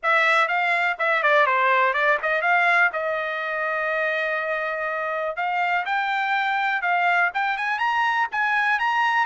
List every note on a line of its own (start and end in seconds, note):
0.02 0.48 E5
0.48 0.96 F5
0.99 1.22 E5
1.22 1.46 D5
1.46 1.93 C5
1.93 2.18 D5
2.22 2.41 D#5
2.41 2.90 F5
2.92 5.36 D#5
5.36 5.85 F5
5.85 6.82 G5
6.82 7.30 F5
7.34 7.57 G5
7.57 7.78 G#5
7.78 8.27 A#5
8.31 8.79 G#5
8.79 9.25 A#5